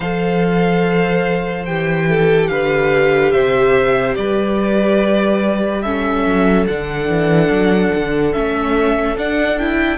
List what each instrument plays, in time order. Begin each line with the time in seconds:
0.00 cello F3, viola A4, violin C5 F5
1.65 cello E3, viola G4, violin G5
2.08 violin A4
2.48 cello D3, violin B4 F5
3.30 cello C3, violin C5 E5
4.15 cello G3, violin B4 D5
5.82 viola C#4, violin A4 E5
6.25 cello F#3
6.67 cello D3, viola D4, violin F#5
7.08 cello E3
7.50 cello F#3
7.95 cello D3
8.32 cello A3, viola C#4, violin E5
9.15 cello D4, viola D4, violin F#5
9.58 viola E4, violin G5